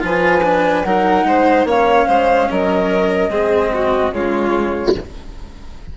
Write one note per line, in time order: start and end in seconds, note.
0.00 0.85 F3
0.00 0.41 F4
0.00 0.86 B4
0.00 0.83 G#5
0.43 0.85 D4
0.83 1.24 F#3
0.83 1.67 D#4
0.83 1.27 A#4
0.83 1.65 F#5
1.24 1.65 G#3
1.24 1.68 C5
1.65 2.06 A#3
1.65 3.30 C#4
1.65 2.08 C#5
1.65 2.51 F5
2.08 2.49 G#3
2.08 2.49 C5
2.51 3.29 F#3
2.51 3.31 A#4
2.51 4.14 D#5
3.29 4.11 G#3
3.29 4.13 C4
3.29 3.72 G#4
3.74 4.15 F#4
4.11 4.94 C#3
4.11 4.95 G#3
4.11 4.97 F4
4.11 4.96 C#5